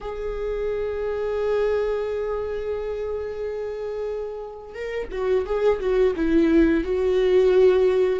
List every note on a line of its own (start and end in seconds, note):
0.00 4.74 G#4
4.74 5.08 A#4
5.11 5.45 F#4
5.45 5.79 G#4
5.80 6.14 F#4
6.15 6.84 E4
6.84 8.19 F#4